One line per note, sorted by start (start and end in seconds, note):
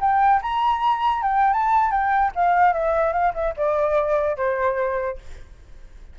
0.00 0.41 G5
0.42 1.22 A#5
1.22 1.53 G5
1.53 1.91 A5
1.91 2.31 G5
2.35 2.73 F5
2.73 3.13 E5
3.13 3.33 F5
3.34 3.54 E5
3.56 4.37 D5
4.37 5.18 C5